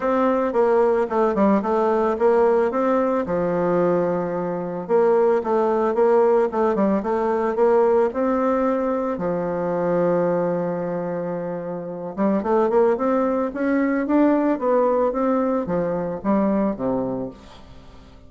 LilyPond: \new Staff \with { instrumentName = "bassoon" } { \time 4/4 \tempo 4 = 111 c'4 ais4 a8 g8 a4 | ais4 c'4 f2~ | f4 ais4 a4 ais4 | a8 g8 a4 ais4 c'4~ |
c'4 f2.~ | f2~ f8 g8 a8 ais8 | c'4 cis'4 d'4 b4 | c'4 f4 g4 c4 | }